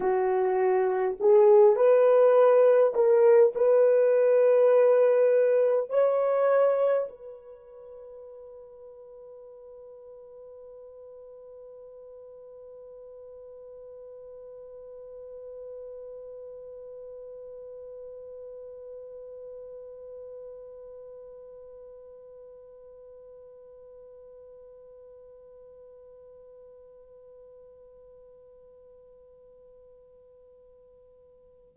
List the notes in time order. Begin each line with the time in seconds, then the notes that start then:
0.00 F#4
1.20 G#4
1.75 B4
2.94 A#4
3.55 B4
5.89 C#5
7.09 B4